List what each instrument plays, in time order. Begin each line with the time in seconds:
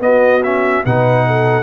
0.00 tuba B3, trombone B3, horn F#4, trumpet D#5
0.43 trombone C#4, trumpet E5
0.85 tuba B2, trombone D#4, horn B4, trumpet F#5
1.27 horn A4